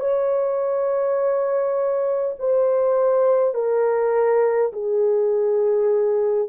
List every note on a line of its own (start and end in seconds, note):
0.00 2.35 C#5
2.40 3.55 C5
3.55 4.72 A#4
4.73 6.49 G#4